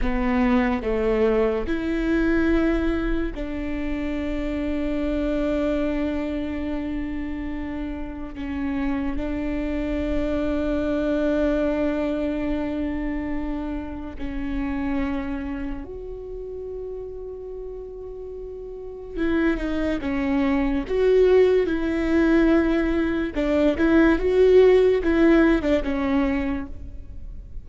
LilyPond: \new Staff \with { instrumentName = "viola" } { \time 4/4 \tempo 4 = 72 b4 a4 e'2 | d'1~ | d'2 cis'4 d'4~ | d'1~ |
d'4 cis'2 fis'4~ | fis'2. e'8 dis'8 | cis'4 fis'4 e'2 | d'8 e'8 fis'4 e'8. d'16 cis'4 | }